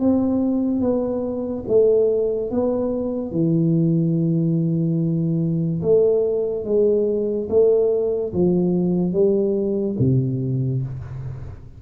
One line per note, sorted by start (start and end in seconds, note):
0.00 0.81 C4
0.81 1.64 B3
1.68 2.51 A3
2.51 3.32 B3
3.32 5.82 E3
5.82 6.65 A3
6.65 7.48 G#3
7.50 8.33 A3
8.33 9.13 F3
9.13 9.96 G3
9.99 10.82 C3